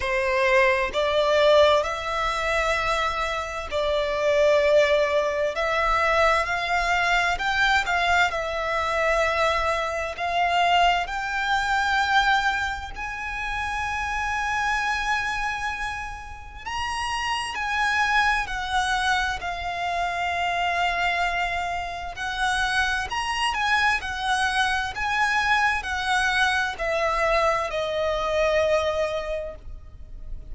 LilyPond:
\new Staff \with { instrumentName = "violin" } { \time 4/4 \tempo 4 = 65 c''4 d''4 e''2 | d''2 e''4 f''4 | g''8 f''8 e''2 f''4 | g''2 gis''2~ |
gis''2 ais''4 gis''4 | fis''4 f''2. | fis''4 ais''8 gis''8 fis''4 gis''4 | fis''4 e''4 dis''2 | }